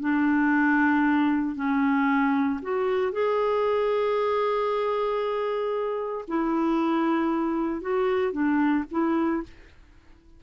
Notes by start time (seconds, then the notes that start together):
0.00 D4
1.55 C#4
2.62 F#4
3.12 G#4
6.28 E4
7.81 F#4
8.32 D4
8.91 E4